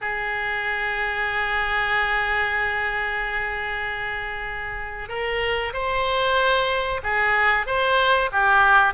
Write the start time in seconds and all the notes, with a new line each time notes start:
0.01 G#4
5.09 A#4
5.73 C5
7.03 G#4
7.66 C5
8.32 G4